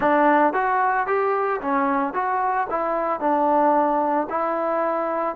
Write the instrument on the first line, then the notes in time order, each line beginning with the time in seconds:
trombone
0.00 D4
0.53 F#4
1.06 G4
1.61 C#4
2.13 F#4
2.69 E4
3.19 D4
4.29 E4